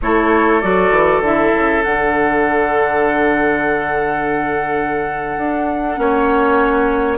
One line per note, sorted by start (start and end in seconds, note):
0.01 0.63 A3
0.01 0.62 E4
0.01 6.00 A4
0.01 0.60 C#5
0.60 0.90 F#3
0.60 1.23 F#4
0.60 1.22 D5
0.90 1.20 E3
1.20 1.51 D3
1.20 1.83 E4
1.20 1.83 E5
1.54 1.84 C#3
1.83 5.37 D3
1.83 5.96 D4
1.83 7.18 F#5
5.37 5.97 D4
5.96 7.18 A#3
5.96 7.18 C#4
5.96 7.18 C#5